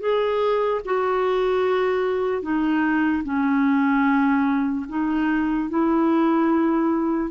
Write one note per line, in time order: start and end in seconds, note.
0.00 0.81 G#4
0.85 2.42 F#4
2.42 3.23 D#4
3.24 4.86 C#4
4.89 5.70 D#4
5.70 7.31 E4